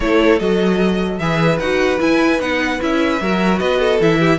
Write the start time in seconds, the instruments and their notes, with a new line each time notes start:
0.00 cello A3, viola E4, violin A4 C#5
0.39 cello F#3, viola F#4, violin D#5
1.18 cello E3, viola G#4, violin B4 E5
1.59 cello D#4, viola F#4, violin F#5
1.98 viola E4, cello E4, violin G#5
2.39 cello B3, viola D#4, violin F#5
2.80 cello C#4, viola E4, violin E5
3.20 cello F#3, viola F#4, violin A#4
3.58 cello B3, violin B4 D#5
3.79 violin A4
4.00 cello E3, viola E4, violin E5
4.19 violin G4